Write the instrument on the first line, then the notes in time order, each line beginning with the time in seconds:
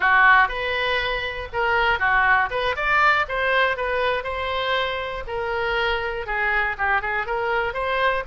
oboe
0.00 F#4
0.48 B4
1.52 A#4
1.99 F#4
2.50 B4
2.76 D5
3.28 C5
3.76 B4
4.23 C5
5.27 A#4
6.26 G#4
6.77 G4
7.01 G#4
7.26 A#4
7.73 C5